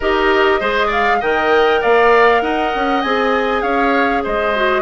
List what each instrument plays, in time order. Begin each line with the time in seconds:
0.00 bassoon D#4, clarinet G4, oboe A#4, flute D#5
0.59 bassoon G#3, clarinet G#4, oboe C5
0.86 oboe D5, flute F5
1.20 bassoon D#3, clarinet A#4, oboe D#5, flute G5
1.81 bassoon A#3, oboe D5, flute F5
2.41 bassoon D#4, oboe D#5, flute F#5
2.75 bassoon C#4
3.01 bassoon C4, clarinet G#4, flute G#5
3.61 bassoon C#4, oboe C#5, flute F5
4.23 bassoon G#3, oboe C5, flute D#5
4.55 clarinet F#4